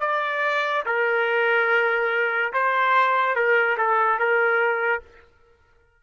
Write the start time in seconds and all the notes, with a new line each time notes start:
0.00 D5
0.86 A#4
2.53 C5
3.36 A#4
3.78 A4
4.19 A#4